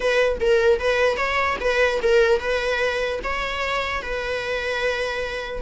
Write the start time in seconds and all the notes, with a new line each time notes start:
0.00 B4
0.40 A#4
0.79 B4
1.17 C#5
1.60 B4
2.02 A#4
2.39 B4
3.23 C#5
4.02 B4